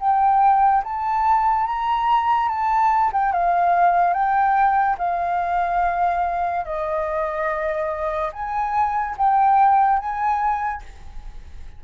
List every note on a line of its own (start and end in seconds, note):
0.00 0.83 G5
0.84 1.66 A5
1.66 2.49 A#5
2.49 3.11 A5
3.13 3.32 G5
3.32 4.13 F5
4.13 4.97 G5
4.98 6.65 F5
6.65 8.32 D#5
8.33 9.16 G#5
9.17 9.99 G5
9.99 10.82 G#5